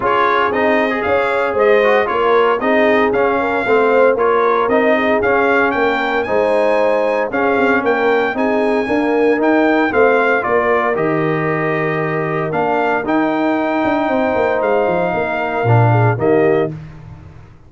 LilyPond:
<<
  \new Staff \with { instrumentName = "trumpet" } { \time 4/4 \tempo 4 = 115 cis''4 dis''4 f''4 dis''4 | cis''4 dis''4 f''2 | cis''4 dis''4 f''4 g''4 | gis''2 f''4 g''4 |
gis''2 g''4 f''4 | d''4 dis''2. | f''4 g''2. | f''2. dis''4 | }
  \new Staff \with { instrumentName = "horn" } { \time 4/4 gis'2 cis''4 c''4 | ais'4 gis'4. ais'8 c''4 | ais'4. gis'4. ais'4 | c''2 gis'4 ais'4 |
gis'4 ais'2 c''4 | ais'1~ | ais'2. c''4~ | c''4 ais'4. gis'8 g'4 | }
  \new Staff \with { instrumentName = "trombone" } { \time 4/4 f'4 dis'8. gis'4.~ gis'16 fis'8 | f'4 dis'4 cis'4 c'4 | f'4 dis'4 cis'2 | dis'2 cis'2 |
dis'4 ais4 dis'4 c'4 | f'4 g'2. | d'4 dis'2.~ | dis'2 d'4 ais4 | }
  \new Staff \with { instrumentName = "tuba" } { \time 4/4 cis'4 c'4 cis'4 gis4 | ais4 c'4 cis'4 a4 | ais4 c'4 cis'4 ais4 | gis2 cis'8 c'8 ais4 |
c'4 d'4 dis'4 a4 | ais4 dis2. | ais4 dis'4. d'8 c'8 ais8 | gis8 f8 ais4 ais,4 dis4 | }
>>